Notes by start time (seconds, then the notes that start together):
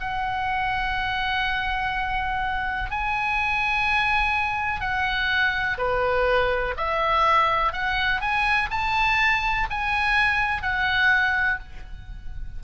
0.00 F#5
2.90 G#5
4.80 F#5
5.78 B4
6.77 E5
7.72 F#5
8.21 G#5
8.71 A5
9.70 G#5
10.62 F#5